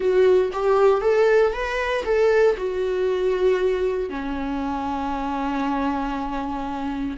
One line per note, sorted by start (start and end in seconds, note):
0.00 0.51 F#4
0.52 1.01 G4
1.01 1.52 A4
1.52 2.04 B4
2.04 2.55 A4
2.57 4.09 F#4
4.09 7.17 C#4